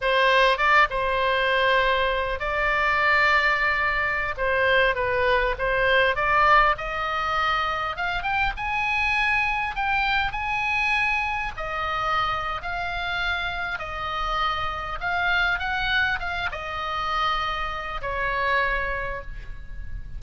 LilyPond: \new Staff \with { instrumentName = "oboe" } { \time 4/4 \tempo 4 = 100 c''4 d''8 c''2~ c''8 | d''2.~ d''16 c''8.~ | c''16 b'4 c''4 d''4 dis''8.~ | dis''4~ dis''16 f''8 g''8 gis''4.~ gis''16~ |
gis''16 g''4 gis''2 dis''8.~ | dis''4 f''2 dis''4~ | dis''4 f''4 fis''4 f''8 dis''8~ | dis''2 cis''2 | }